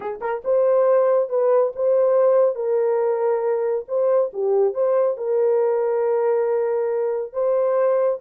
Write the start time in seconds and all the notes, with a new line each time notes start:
0.00 G#4
0.20 A#4
0.44 C5
1.29 B4
1.75 C5
2.55 A#4
3.88 C5
4.33 G4
4.74 C5
5.17 A#4
7.33 C5